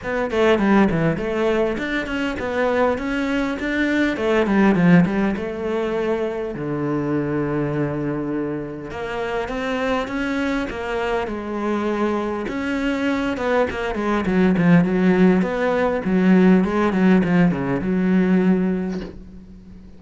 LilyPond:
\new Staff \with { instrumentName = "cello" } { \time 4/4 \tempo 4 = 101 b8 a8 g8 e8 a4 d'8 cis'8 | b4 cis'4 d'4 a8 g8 | f8 g8 a2 d4~ | d2. ais4 |
c'4 cis'4 ais4 gis4~ | gis4 cis'4. b8 ais8 gis8 | fis8 f8 fis4 b4 fis4 | gis8 fis8 f8 cis8 fis2 | }